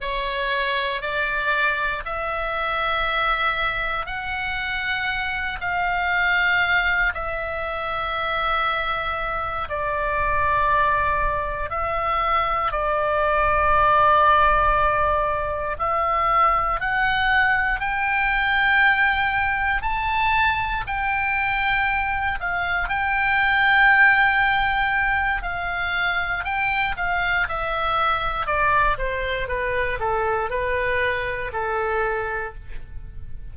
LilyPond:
\new Staff \with { instrumentName = "oboe" } { \time 4/4 \tempo 4 = 59 cis''4 d''4 e''2 | fis''4. f''4. e''4~ | e''4. d''2 e''8~ | e''8 d''2. e''8~ |
e''8 fis''4 g''2 a''8~ | a''8 g''4. f''8 g''4.~ | g''4 f''4 g''8 f''8 e''4 | d''8 c''8 b'8 a'8 b'4 a'4 | }